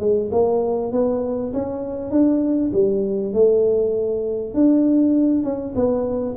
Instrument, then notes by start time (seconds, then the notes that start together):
tuba
0.00 G#3
0.32 A#3
0.92 B3
1.54 C#4
2.11 D4
2.73 G3
3.34 A3
4.54 D4
5.44 C#4
5.75 B3